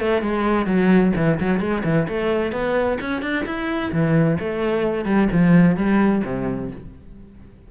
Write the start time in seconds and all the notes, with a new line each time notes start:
0.00 A3
0.22 G#3
0.66 F#3
1.16 E3
1.40 F#3
1.60 G#3
1.84 E3
2.08 A3
2.52 B3
3.01 C#4
3.22 D4
3.46 E4
3.92 E3
4.40 A3
5.06 G3
5.32 F3
5.77 G3
6.25 C3